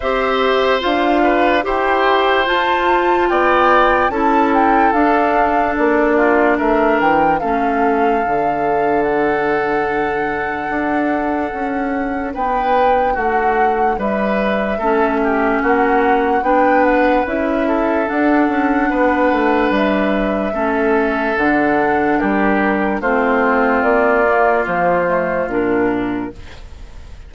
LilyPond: <<
  \new Staff \with { instrumentName = "flute" } { \time 4/4 \tempo 4 = 73 e''4 f''4 g''4 a''4 | g''4 a''8 g''8 f''4 d''4 | e''8 g''8 f''2 fis''4~ | fis''2. g''4 |
fis''4 e''2 fis''4 | g''8 fis''8 e''4 fis''2 | e''2 fis''4 ais'4 | c''4 d''4 c''4 ais'4 | }
  \new Staff \with { instrumentName = "oboe" } { \time 4/4 c''4. b'8 c''2 | d''4 a'2~ a'8 f'8 | ais'4 a'2.~ | a'2. b'4 |
fis'4 b'4 a'8 g'8 fis'4 | b'4. a'4. b'4~ | b'4 a'2 g'4 | f'1 | }
  \new Staff \with { instrumentName = "clarinet" } { \time 4/4 g'4 f'4 g'4 f'4~ | f'4 e'4 d'2~ | d'4 cis'4 d'2~ | d'1~ |
d'2 cis'2 | d'4 e'4 d'2~ | d'4 cis'4 d'2 | c'4. ais4 a8 d'4 | }
  \new Staff \with { instrumentName = "bassoon" } { \time 4/4 c'4 d'4 e'4 f'4 | b4 cis'4 d'4 ais4 | a8 e8 a4 d2~ | d4 d'4 cis'4 b4 |
a4 g4 a4 ais4 | b4 cis'4 d'8 cis'8 b8 a8 | g4 a4 d4 g4 | a4 ais4 f4 ais,4 | }
>>